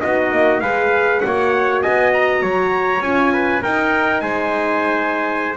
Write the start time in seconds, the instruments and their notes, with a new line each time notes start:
0.00 double bass B3, horn D#4, trumpet F#4 D#5
0.32 double bass A#3
0.60 double bass G#3, horn G#4, trumpet B4 F5
1.20 double bass A#3, horn F#4, trumpet F#5
1.26 trumpet C#5
1.82 double bass B3, trumpet D#5 G#5
2.13 trumpet A#5
2.42 double bass F#3, trumpet C#5
3.00 double bass C#4, horn F4, trumpet G#5
3.33 trumpet B4
3.62 double bass D#4, horn D#4, trumpet A#4 G5
4.20 double bass G#3, trumpet C5 G#5